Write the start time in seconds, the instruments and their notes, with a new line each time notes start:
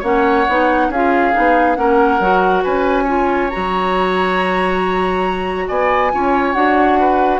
0.00 bassoon A#3, clarinet C#4, oboe C#5, flute F#5
0.49 bassoon B3, clarinet D#4
0.89 bassoon C#4, clarinet F4, oboe G#4, flute F5
1.33 bassoon B3, clarinet D#4
1.76 bassoon A#3, clarinet C#4, oboe A#4, flute F#5
2.20 bassoon F#3, clarinet F#4
2.64 bassoon C#4, oboe B4, flute G#5
3.04 clarinet F4, oboe C#5
3.50 bassoon F#3, clarinet F#4, flute A#5
5.68 bassoon B3, oboe D5, flute G#5
6.13 bassoon C#4, clarinet F4, oboe C#5
6.53 bassoon D4, clarinet F#4, flute F#5
7.00 oboe B4